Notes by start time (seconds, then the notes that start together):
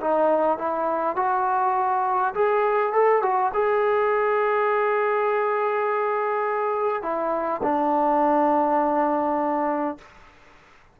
0.00 D#4
0.58 E4
1.16 F#4
2.34 G#4
2.93 A4
3.22 F#4
3.53 G#4
7.02 E4
7.62 D4